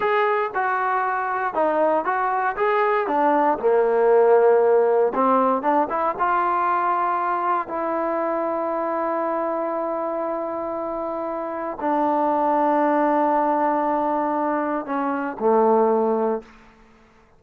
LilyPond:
\new Staff \with { instrumentName = "trombone" } { \time 4/4 \tempo 4 = 117 gis'4 fis'2 dis'4 | fis'4 gis'4 d'4 ais4~ | ais2 c'4 d'8 e'8 | f'2. e'4~ |
e'1~ | e'2. d'4~ | d'1~ | d'4 cis'4 a2 | }